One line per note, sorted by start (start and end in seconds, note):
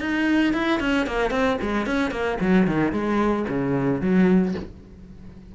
0.00 0.53 D#4
0.53 0.80 E4
0.80 1.06 C#4
1.06 1.30 A#3
1.30 1.57 C4
1.61 1.86 G#3
1.86 2.11 C#4
2.11 2.37 A#3
2.40 2.67 F#3
2.67 2.92 D#3
2.92 3.46 G#3
3.48 4.01 C#3
4.01 4.54 F#3